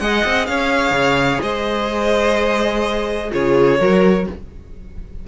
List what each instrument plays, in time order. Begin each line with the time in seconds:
0.00 cello G#3, viola G#4, violin D#5 F#5
0.25 cello C4
0.46 cello C#4, violin C#5 F5
0.91 cello C#3
1.42 cello G#3, violin C5 D#5
3.32 cello C#3, viola F4, violin G#4 C#5
3.80 cello F#3, viola F#4, violin A#4